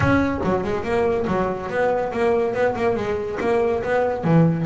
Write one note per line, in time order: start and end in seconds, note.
0.00 0.40 C#4
0.44 0.63 F#3
0.63 0.83 G#3
0.83 1.26 A#3
1.27 1.69 F#3
1.69 2.12 B3
2.12 2.54 A#3
2.54 2.75 B3
2.75 2.96 A#3
2.96 3.38 G#3
3.40 3.82 A#3
3.83 4.24 B3
4.24 4.65 E3